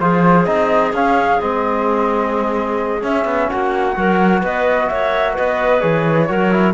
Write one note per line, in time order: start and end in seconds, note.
0.00 0.47 F3
0.00 0.47 F4
0.00 3.50 G#4
0.00 0.46 C5
0.46 0.93 C4
0.46 0.93 D#4
0.46 0.92 D#5
0.93 1.39 C#4
0.93 1.40 C#4
0.93 1.41 F5
1.40 3.03 G#3
1.40 3.01 C4
1.40 3.03 D#5
3.01 3.94 C#4
3.01 3.25 C#4
3.01 3.50 E5
3.25 3.48 B3
3.50 3.97 A#3
3.50 3.97 F#4
3.50 4.43 F#5
3.95 4.43 F#3
3.95 5.80 F#4
3.95 4.42 A#4
4.42 4.89 B3
4.42 4.88 B4
4.42 4.89 D#5
4.89 5.38 A#3
4.89 5.33 C#5
4.89 5.35 E5
5.33 5.83 B3
5.33 6.26 B4
5.33 5.81 D#5
5.80 6.30 E3
5.80 6.27 G#4
5.80 6.74 C#5
6.28 6.74 F#3
6.28 6.51 F#4
6.28 6.74 A#4
6.51 6.74 E4